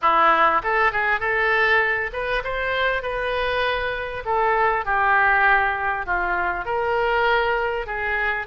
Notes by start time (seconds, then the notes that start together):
0.01 E4
0.63 A4
0.91 G#4
1.20 A4
2.12 B4
2.44 C5
3.02 B4
4.25 A4
4.85 G4
6.06 F4
6.65 A#4
7.86 G#4